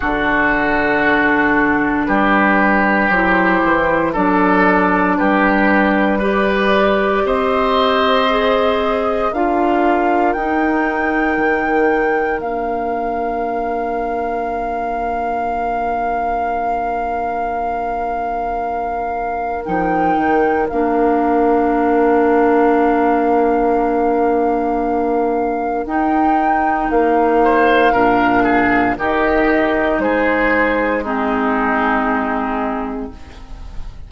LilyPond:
<<
  \new Staff \with { instrumentName = "flute" } { \time 4/4 \tempo 4 = 58 a'2 b'4 c''4 | d''4 b'4 d''4 dis''4~ | dis''4 f''4 g''2 | f''1~ |
f''2. g''4 | f''1~ | f''4 g''4 f''2 | dis''4 c''4 gis'2 | }
  \new Staff \with { instrumentName = "oboe" } { \time 4/4 fis'2 g'2 | a'4 g'4 b'4 c''4~ | c''4 ais'2.~ | ais'1~ |
ais'1~ | ais'1~ | ais'2~ ais'8 c''8 ais'8 gis'8 | g'4 gis'4 dis'2 | }
  \new Staff \with { instrumentName = "clarinet" } { \time 4/4 d'2. e'4 | d'2 g'2 | gis'4 f'4 dis'2 | d'1~ |
d'2. dis'4 | d'1~ | d'4 dis'2 d'4 | dis'2 c'2 | }
  \new Staff \with { instrumentName = "bassoon" } { \time 4/4 d2 g4 fis8 e8 | fis4 g2 c'4~ | c'4 d'4 dis'4 dis4 | ais1~ |
ais2. f8 dis8 | ais1~ | ais4 dis'4 ais4 ais,4 | dis4 gis2. | }
>>